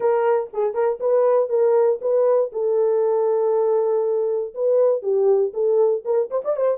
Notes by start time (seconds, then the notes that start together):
0.00 A#4
0.53 G#4
0.74 A#4
1.00 B4
1.49 A#4
2.01 B4
2.52 A4
4.54 B4
5.02 G4
5.53 A4
6.04 A#4
6.30 C5
6.44 D5
6.56 C5